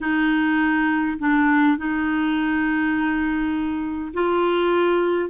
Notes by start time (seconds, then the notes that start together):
0.00 D#4
1.18 D4
1.77 D#4
4.13 F4